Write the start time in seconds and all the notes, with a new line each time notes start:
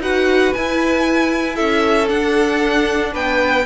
0.00 D#4 F#4 B4 F#5
0.54 E4 G#5
1.55 C#4 A4 E5
2.07 D4 F#5
3.13 B3 B4 G5